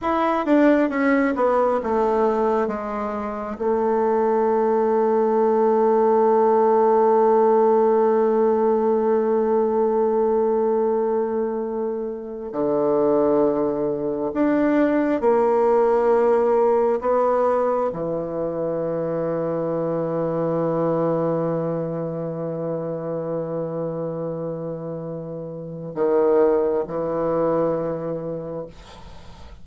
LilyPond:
\new Staff \with { instrumentName = "bassoon" } { \time 4/4 \tempo 4 = 67 e'8 d'8 cis'8 b8 a4 gis4 | a1~ | a1~ | a2 d2 |
d'4 ais2 b4 | e1~ | e1~ | e4 dis4 e2 | }